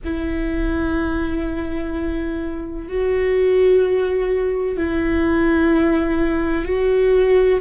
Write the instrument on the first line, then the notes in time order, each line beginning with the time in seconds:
viola
0.04 E4
2.88 F#4
4.76 E4
6.65 F#4